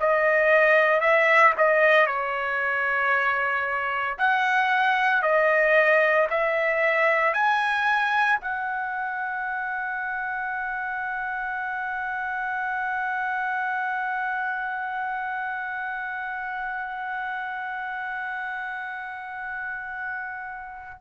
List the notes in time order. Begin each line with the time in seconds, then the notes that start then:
0.00 D#5
1.00 E5
1.57 D#5
2.06 C#5
4.18 F#5
5.22 D#5
6.30 E5
7.33 G#5
8.40 F#5